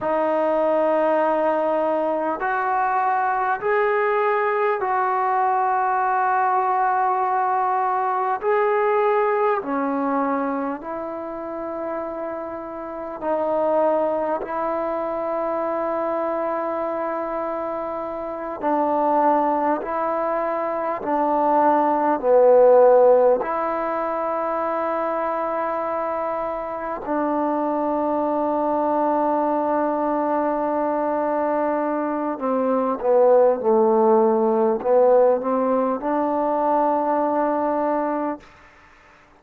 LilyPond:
\new Staff \with { instrumentName = "trombone" } { \time 4/4 \tempo 4 = 50 dis'2 fis'4 gis'4 | fis'2. gis'4 | cis'4 e'2 dis'4 | e'2.~ e'8 d'8~ |
d'8 e'4 d'4 b4 e'8~ | e'2~ e'8 d'4.~ | d'2. c'8 b8 | a4 b8 c'8 d'2 | }